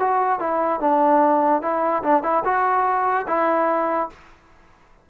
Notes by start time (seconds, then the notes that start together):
0.00 F#4
0.39 E4
0.80 D4
1.62 E4
2.03 D4
2.23 E4
2.45 F#4
3.28 E4